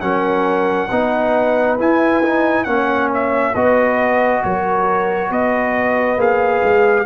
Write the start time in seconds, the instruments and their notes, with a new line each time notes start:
0.00 tuba F#3, trombone C#4, horn A#4, trumpet F#5
0.89 tuba B3, trombone D#4, horn B4
1.78 trombone E4, tuba E4, trumpet G#5
2.24 trombone D#4
2.64 tuba A#3, trombone C#4, horn C#5, trumpet F#5
3.14 trumpet E5
3.54 tuba B3, trombone F#4, horn B4, trumpet D#5
4.43 tuba F#3, horn A#4, trumpet C#5
5.29 tuba B3, horn B4, trumpet D#5
6.17 tuba A#3, trombone G#4, trumpet F5
6.63 tuba G#3